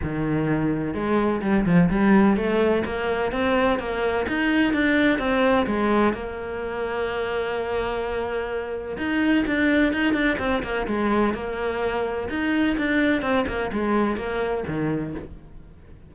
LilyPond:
\new Staff \with { instrumentName = "cello" } { \time 4/4 \tempo 4 = 127 dis2 gis4 g8 f8 | g4 a4 ais4 c'4 | ais4 dis'4 d'4 c'4 | gis4 ais2.~ |
ais2. dis'4 | d'4 dis'8 d'8 c'8 ais8 gis4 | ais2 dis'4 d'4 | c'8 ais8 gis4 ais4 dis4 | }